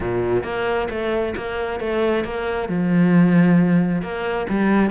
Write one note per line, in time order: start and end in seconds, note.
0.00 0.43 A#2
0.43 0.88 A#3
0.90 1.34 A3
1.36 1.80 A#3
1.80 2.24 A3
2.24 2.68 A#3
2.68 4.02 F3
4.02 4.47 A#3
4.49 4.90 G3